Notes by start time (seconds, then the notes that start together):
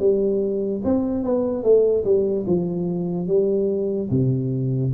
0.00 G3
0.84 C4
1.24 B3
1.64 A3
2.05 G3
2.47 F3
3.28 G3
4.11 C3